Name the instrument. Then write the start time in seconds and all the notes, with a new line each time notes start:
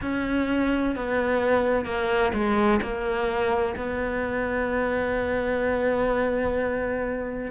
cello
0.01 C#4
0.95 B3
1.85 A#3
2.33 G#3
2.81 A#3
3.76 B3